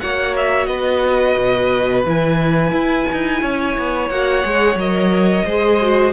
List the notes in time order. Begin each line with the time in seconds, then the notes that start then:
0.00 A#3 F#4 C#5 F#5
0.37 E5
0.67 B3 B4 D#5
1.37 B2
2.05 E3 E4 G#5
2.72 E4
3.13 D#4
3.41 C#4 C#5
3.78 B3
4.10 A#3 F#4 F#5
4.43 G#3 G#4
4.75 F#3 A#4 D#5
5.46 G#3 G#4 C5
5.82 F#4